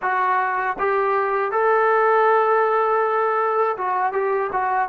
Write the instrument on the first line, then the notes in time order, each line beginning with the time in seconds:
trombone
0.01 F#4
0.78 G4
1.51 A4
3.77 F#4
4.12 G4
4.52 F#4